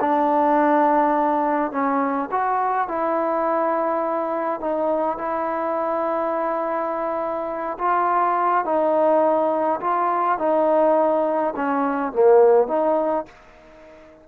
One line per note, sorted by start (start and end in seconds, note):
0.00 1.71 D4
1.71 2.29 C#4
2.31 2.88 F#4
2.88 4.60 E4
4.60 5.18 D#4
5.18 7.77 E4
7.78 8.64 F4
8.64 9.80 D#4
9.80 10.38 F4
10.38 11.54 D#4
11.56 12.12 C#4
12.12 12.67 A#3
12.67 13.25 D#4